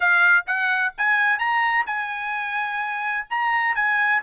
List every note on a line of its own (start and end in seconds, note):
0.00 0.45 F5
0.46 0.93 F#5
0.97 1.38 G#5
1.38 1.85 A#5
1.86 3.26 G#5
3.29 3.75 A#5
3.75 4.21 G#5